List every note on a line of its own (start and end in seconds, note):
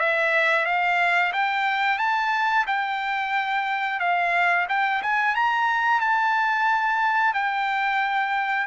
0.00 0.66 E5
0.66 1.33 F5
1.33 1.99 G5
1.99 2.65 A5
2.67 4.00 G5
4.00 4.67 F5
4.69 5.02 G5
5.02 5.35 G#5
5.35 6.01 A#5
6.01 7.34 A5
7.34 8.67 G5